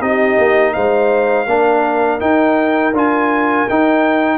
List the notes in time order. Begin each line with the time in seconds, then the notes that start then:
0.00 C4 D#4 G4 D#5
0.38 A#3
0.73 G#3 C5 F5
1.46 A#3 D4 A#4
2.19 D#4 G5
2.92 D4 F4 G#5
3.69 D#4 G5